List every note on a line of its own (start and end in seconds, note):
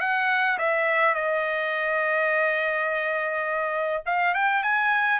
0.00 0.58 F#5
0.58 1.15 E5
1.15 4.03 D#5
4.06 4.34 F5
4.34 4.63 G5
4.63 5.19 G#5